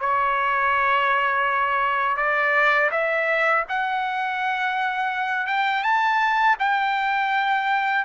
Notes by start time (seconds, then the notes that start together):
0.00 C#5
2.17 D5
2.91 E5
3.69 F#5
5.47 G5
5.83 A5
6.59 G5